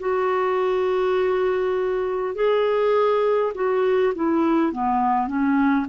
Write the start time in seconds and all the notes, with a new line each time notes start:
0.00 F#4
2.35 G#4
3.55 F#4
4.15 E4
4.72 B3
5.27 C#4